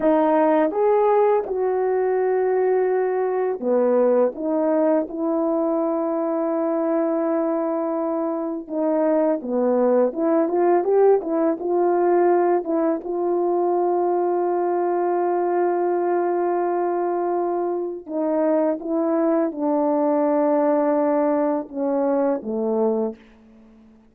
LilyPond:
\new Staff \with { instrumentName = "horn" } { \time 4/4 \tempo 4 = 83 dis'4 gis'4 fis'2~ | fis'4 b4 dis'4 e'4~ | e'1 | dis'4 b4 e'8 f'8 g'8 e'8 |
f'4. e'8 f'2~ | f'1~ | f'4 dis'4 e'4 d'4~ | d'2 cis'4 a4 | }